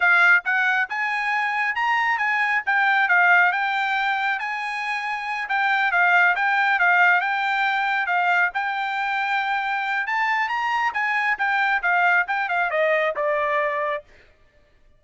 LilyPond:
\new Staff \with { instrumentName = "trumpet" } { \time 4/4 \tempo 4 = 137 f''4 fis''4 gis''2 | ais''4 gis''4 g''4 f''4 | g''2 gis''2~ | gis''8 g''4 f''4 g''4 f''8~ |
f''8 g''2 f''4 g''8~ | g''2. a''4 | ais''4 gis''4 g''4 f''4 | g''8 f''8 dis''4 d''2 | }